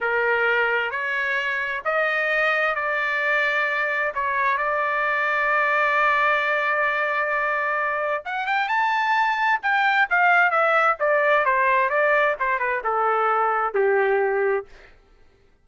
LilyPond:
\new Staff \with { instrumentName = "trumpet" } { \time 4/4 \tempo 4 = 131 ais'2 cis''2 | dis''2 d''2~ | d''4 cis''4 d''2~ | d''1~ |
d''2 fis''8 g''8 a''4~ | a''4 g''4 f''4 e''4 | d''4 c''4 d''4 c''8 b'8 | a'2 g'2 | }